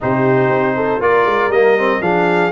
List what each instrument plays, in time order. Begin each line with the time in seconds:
0.00 tuba C3, trombone D#4, horn G4, trumpet C5
0.49 tuba C4
0.76 horn A4
1.00 tuba A#3, trombone F4, horn A#4, trumpet D5
1.25 tuba G#3
1.48 tuba G3, trombone A#3, trumpet D#5
1.78 trombone C4
2.01 tuba F3, trombone D4, horn G#4, trumpet F5